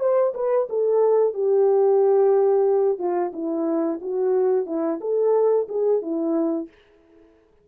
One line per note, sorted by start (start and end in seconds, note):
0.00 0.33 C5
0.35 0.68 B4
0.70 1.34 A4
1.34 2.99 G4
2.99 3.32 F4
3.33 4.00 E4
4.02 4.67 F#4
4.67 5.00 E4
5.01 5.68 A4
5.69 6.02 G#4
6.02 6.69 E4